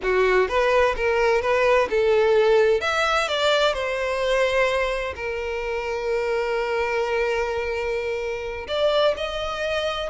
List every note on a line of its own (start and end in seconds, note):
0.03 0.48 F#4
0.48 0.95 B4
0.96 1.41 A#4
1.41 1.88 B4
1.90 2.81 A4
2.81 3.27 E5
3.28 3.73 D5
3.73 5.14 C5
5.15 8.67 A#4
8.67 9.14 D5
9.16 10.09 D#5